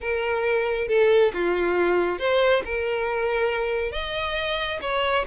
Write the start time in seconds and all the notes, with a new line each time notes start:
0.01 A#4
0.88 A4
1.33 F4
2.19 C5
2.65 A#4
3.91 D#5
4.81 C#5